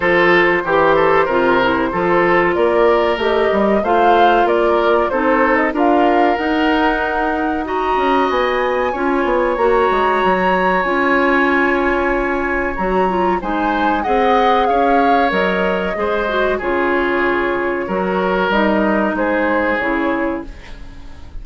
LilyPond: <<
  \new Staff \with { instrumentName = "flute" } { \time 4/4 \tempo 4 = 94 c''1 | d''4 dis''4 f''4 d''4 | c''8. dis''16 f''4 fis''2 | ais''4 gis''2 ais''4~ |
ais''4 gis''2. | ais''4 gis''4 fis''4 f''4 | dis''2 cis''2~ | cis''4 dis''4 c''4 cis''4 | }
  \new Staff \with { instrumentName = "oboe" } { \time 4/4 a'4 g'8 a'8 ais'4 a'4 | ais'2 c''4 ais'4 | a'4 ais'2. | dis''2 cis''2~ |
cis''1~ | cis''4 c''4 dis''4 cis''4~ | cis''4 c''4 gis'2 | ais'2 gis'2 | }
  \new Staff \with { instrumentName = "clarinet" } { \time 4/4 f'4 g'4 f'8 e'8 f'4~ | f'4 g'4 f'2 | dis'4 f'4 dis'2 | fis'2 f'4 fis'4~ |
fis'4 f'2. | fis'8 f'8 dis'4 gis'2 | ais'4 gis'8 fis'8 f'2 | fis'4 dis'2 e'4 | }
  \new Staff \with { instrumentName = "bassoon" } { \time 4/4 f4 e4 c4 f4 | ais4 a8 g8 a4 ais4 | c'4 d'4 dis'2~ | dis'8 cis'8 b4 cis'8 b8 ais8 gis8 |
fis4 cis'2. | fis4 gis4 c'4 cis'4 | fis4 gis4 cis2 | fis4 g4 gis4 cis4 | }
>>